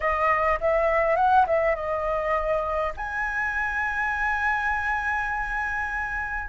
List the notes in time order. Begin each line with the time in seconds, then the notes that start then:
0.00 D#5
0.60 E5
1.16 F#5
1.47 E5
1.75 D#5
2.97 G#5